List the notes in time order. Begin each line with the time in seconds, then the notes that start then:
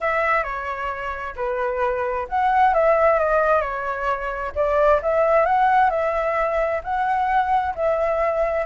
0.00 E5
0.43 C#5
1.36 B4
2.29 F#5
2.74 E5
3.19 D#5
3.61 C#5
4.55 D5
5.02 E5
5.45 F#5
5.90 E5
6.83 F#5
7.75 E5